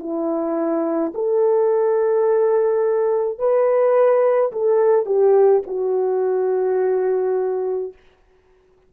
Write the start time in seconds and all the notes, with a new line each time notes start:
0.00 E4
1.15 A4
3.39 B4
4.53 A4
5.06 G4
5.67 F#4